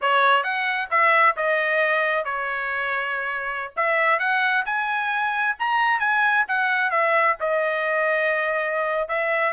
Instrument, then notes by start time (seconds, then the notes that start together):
trumpet
0.01 C#5
0.43 F#5
0.90 E5
1.36 D#5
2.24 C#5
3.76 E5
4.19 F#5
4.65 G#5
5.59 A#5
5.99 G#5
6.48 F#5
6.90 E5
7.40 D#5
9.08 E5